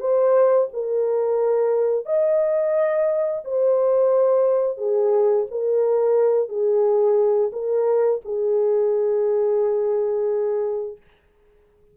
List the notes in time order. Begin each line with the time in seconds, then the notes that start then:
0.00 C5
0.73 A#4
2.06 D#5
3.44 C5
4.78 G#4
5.51 A#4
6.49 G#4
7.53 A#4
8.25 G#4